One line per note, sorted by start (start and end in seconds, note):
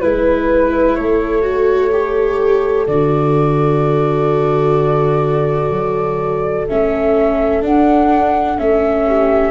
0.00 0.98 G#3
0.00 1.42 E4
0.00 0.95 B4
0.00 0.96 B4
0.95 2.87 A3
0.95 9.06 A4
0.95 2.86 C#5
1.42 1.89 F#4
1.92 2.87 G4
2.87 5.70 D3
2.87 6.68 F#4
2.87 6.67 D5
5.70 6.66 F#3
6.68 7.64 A3
6.68 7.62 C#4
6.68 7.63 E5
7.62 8.57 D4
7.62 8.60 D4
7.62 8.59 F#5
8.58 9.51 A3
8.58 9.51 C#4
8.58 9.51 E5
9.06 9.51 G4